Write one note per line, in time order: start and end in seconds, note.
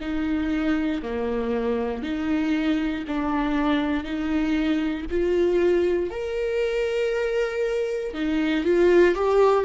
0.00 1.02 D#4
1.02 2.02 A#3
2.02 3.04 D#4
3.07 4.04 D4
4.04 5.06 D#4
5.10 6.10 F4
6.10 8.14 A#4
8.14 8.64 D#4
8.64 9.15 F4
9.15 9.65 G4